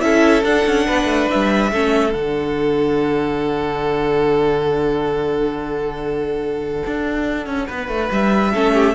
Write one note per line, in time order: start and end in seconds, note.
0.00 0.43 C#4
0.00 0.43 E4
0.00 0.86 A4
0.00 0.43 E5
0.43 0.64 D4
0.43 1.73 D4
0.43 1.29 F#5
0.65 0.87 C#4
0.86 1.05 B3
0.86 1.71 B4
1.05 1.26 A3
1.30 1.71 G3
1.30 2.13 E5
1.71 2.14 A3
1.71 2.12 C#4
1.71 7.67 A4
2.12 6.82 D3
2.12 8.50 D4
2.12 8.09 F#5
6.86 7.46 D4
7.46 7.67 C#4
7.67 7.88 B3
7.67 8.52 B4
7.88 8.09 A3
8.11 8.54 G3
8.11 8.95 E5
8.54 8.95 A3
8.54 8.95 C#4
8.54 8.73 A4
8.73 8.95 G4